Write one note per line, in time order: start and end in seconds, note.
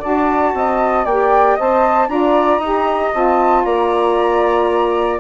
0.00 0.54 D4
0.00 1.06 F#4
0.00 0.52 D5
0.00 1.06 A5
0.54 1.06 C4
0.54 1.05 D#5
1.05 1.57 A#3
1.05 1.59 G4
1.05 1.56 D5
1.05 1.57 G5
1.56 2.09 C4
1.56 2.09 C5
1.56 2.07 D#5
1.56 2.09 A5
2.09 2.59 D4
2.09 2.60 F4
2.09 2.59 D5
2.09 3.13 A#5
2.59 3.11 D#4
2.59 3.13 G4
2.59 3.63 D#5
3.13 3.65 C4
3.13 5.20 F4
3.13 3.65 A5
3.65 5.20 A#3
3.65 5.20 D5
3.65 5.20 A#5